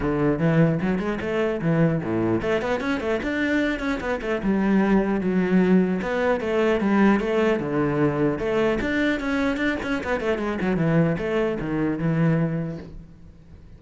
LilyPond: \new Staff \with { instrumentName = "cello" } { \time 4/4 \tempo 4 = 150 d4 e4 fis8 gis8 a4 | e4 a,4 a8 b8 cis'8 a8 | d'4. cis'8 b8 a8 g4~ | g4 fis2 b4 |
a4 g4 a4 d4~ | d4 a4 d'4 cis'4 | d'8 cis'8 b8 a8 gis8 fis8 e4 | a4 dis4 e2 | }